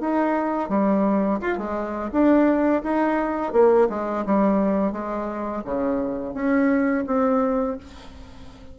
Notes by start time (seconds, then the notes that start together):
0.00 D#4
0.69 G3
1.41 F4
1.58 G#3
2.12 D4
2.83 D#4
3.53 A#3
3.89 G#3
4.26 G3
4.92 G#3
5.65 C#3
6.34 C#4
7.07 C4